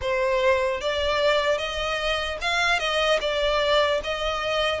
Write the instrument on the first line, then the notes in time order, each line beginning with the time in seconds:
violin
0.01 C5
0.80 D5
1.58 D#5
2.41 F5
2.79 D#5
3.20 D5
4.03 D#5